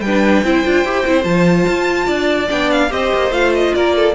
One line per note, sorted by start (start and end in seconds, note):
0.00 0.41 G3
0.00 0.44 D4
0.00 0.44 B4
0.00 1.24 G5
0.43 0.63 C4
0.43 0.65 E4
0.43 2.06 C5
0.65 0.84 D4
0.65 0.85 F4
0.84 1.04 E4
0.84 1.06 G4
1.06 1.24 C4
1.06 1.22 E4
1.22 1.65 F3
1.22 2.47 F4
1.22 2.48 A5
1.67 2.07 F4
2.06 2.49 D4
2.06 2.89 D5
2.48 2.91 B3
2.48 2.89 D4
2.48 2.71 G5
2.71 2.92 F5
2.89 3.12 C4
2.89 3.31 G4
2.89 3.75 C5
2.89 3.32 D#5
3.14 3.31 A#3
3.31 3.72 A3
3.31 4.14 F4
3.31 3.53 F5
3.53 3.74 D#5
3.74 4.14 A#3
3.74 3.95 A#4
3.74 4.14 D5
3.96 4.14 A4